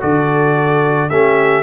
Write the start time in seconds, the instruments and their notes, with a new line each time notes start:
0.00 tuba D3, trombone F#4, horn A4, trumpet D5
1.09 tuba A3, trombone C#4, horn G4, trumpet E5